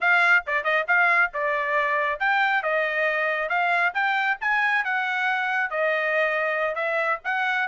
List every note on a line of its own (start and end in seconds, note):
0.00 0.44 F5
0.46 0.64 D5
0.64 0.85 D#5
0.87 1.31 F5
1.33 2.19 D5
2.19 2.62 G5
2.62 3.49 D#5
3.49 3.93 F5
3.93 4.37 G5
4.40 4.84 G#5
4.84 5.70 F#5
5.70 6.75 D#5
6.75 7.18 E5
7.24 7.68 F#5